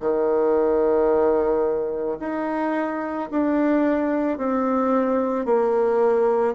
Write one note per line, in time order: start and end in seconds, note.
0.00 2.18 D#3
2.20 3.29 D#4
3.31 4.38 D4
4.38 5.45 C4
5.45 6.54 A#3